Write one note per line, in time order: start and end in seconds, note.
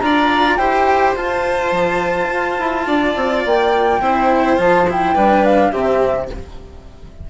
0.00 0.57 D4
0.00 0.58 F4
0.00 0.57 D5
0.00 0.56 A#5
0.56 1.14 E4
0.56 1.15 G4
0.56 2.86 C5
0.56 1.13 G5
1.15 1.71 F4
1.15 4.01 F4
1.15 3.45 A5
1.71 2.28 F3
2.29 2.57 F4
2.58 2.86 E4
2.86 3.15 D4
2.86 4.01 D5
3.15 3.44 C4
3.45 4.00 A#3
3.45 4.59 G5
4.00 4.57 C4
4.00 4.57 E4
4.00 5.14 C5
4.57 5.15 F3
4.57 4.85 F4
4.57 4.88 A5
4.89 5.15 E4
4.89 5.45 G5
5.14 5.72 G3
5.14 5.72 D4
5.14 5.71 B4
5.45 5.72 F5
5.71 6.30 C3
5.71 6.29 C4
5.71 6.28 G4
5.71 6.29 E5